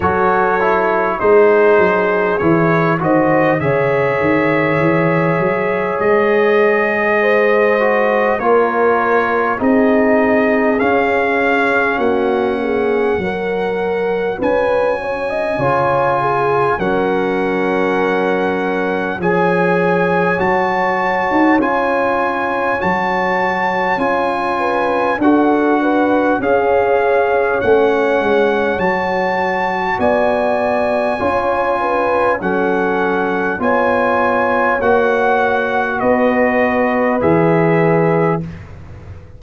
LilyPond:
<<
  \new Staff \with { instrumentName = "trumpet" } { \time 4/4 \tempo 4 = 50 cis''4 c''4 cis''8 dis''8 e''4~ | e''4 dis''2 cis''4 | dis''4 f''4 fis''2 | gis''2 fis''2 |
gis''4 a''4 gis''4 a''4 | gis''4 fis''4 f''4 fis''4 | a''4 gis''2 fis''4 | gis''4 fis''4 dis''4 e''4 | }
  \new Staff \with { instrumentName = "horn" } { \time 4/4 a'4 gis'4. c''8 cis''4~ | cis''2 c''4 ais'4 | gis'2 fis'8 gis'8 ais'4 | b'8 cis''16 dis''16 cis''8 gis'8 ais'2 |
cis''1~ | cis''8 b'8 a'8 b'8 cis''2~ | cis''4 d''4 cis''8 b'8 a'4 | cis''2 b'2 | }
  \new Staff \with { instrumentName = "trombone" } { \time 4/4 fis'8 e'8 dis'4 e'8 fis'8 gis'4~ | gis'2~ gis'8 fis'8 f'4 | dis'4 cis'2 fis'4~ | fis'4 f'4 cis'2 |
gis'4 fis'4 f'4 fis'4 | f'4 fis'4 gis'4 cis'4 | fis'2 f'4 cis'4 | f'4 fis'2 gis'4 | }
  \new Staff \with { instrumentName = "tuba" } { \time 4/4 fis4 gis8 fis8 e8 dis8 cis8 dis8 | e8 fis8 gis2 ais4 | c'4 cis'4 ais4 fis4 | cis'4 cis4 fis2 |
f4 fis8. dis'16 cis'4 fis4 | cis'4 d'4 cis'4 a8 gis8 | fis4 b4 cis'4 fis4 | b4 ais4 b4 e4 | }
>>